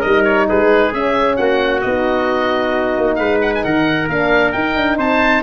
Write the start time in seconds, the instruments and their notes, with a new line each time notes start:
0.00 tuba G3, horn D#4, trumpet A#4, oboe D#5
0.24 oboe C#5
0.48 tuba G#3, trumpet G#4, oboe B4
0.92 horn C#4, tuba C#4, oboe E5
1.36 tuba A#3, trumpet F#4, oboe F#5
1.81 tuba B3, horn D#4, oboe D#5
2.97 tuba A#3
3.15 tuba G#3, trumpet B4, oboe F5
3.41 oboe F#5
3.55 oboe G#5
3.64 tuba D#3, trumpet A#4, oboe F#5
4.08 tuba A#3, horn D4, oboe F5
4.52 tuba D#4, horn D#4, oboe G5
4.76 tuba D4
4.97 tuba C4, trumpet C5, oboe A5